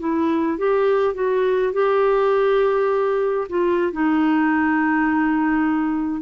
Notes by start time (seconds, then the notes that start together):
0.00 E4
0.58 G4
1.15 F#4
1.73 G4
3.50 F4
3.93 D#4